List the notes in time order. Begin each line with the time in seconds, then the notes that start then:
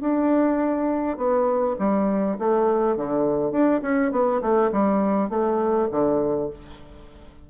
0.00 D4
1.17 B3
1.78 G3
2.39 A3
2.96 D3
3.51 D4
3.82 C#4
4.11 B3
4.41 A3
4.72 G3
5.29 A3
5.91 D3